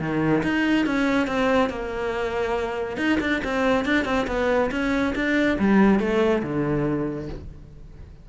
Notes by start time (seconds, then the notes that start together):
0.00 D#3
0.43 D#4
0.86 C#4
1.27 C4
1.69 A#3
2.97 D#4
3.20 D4
3.44 C4
3.85 D4
4.05 C4
4.27 B3
4.71 C#4
5.15 D4
5.59 G3
6.00 A3
6.43 D3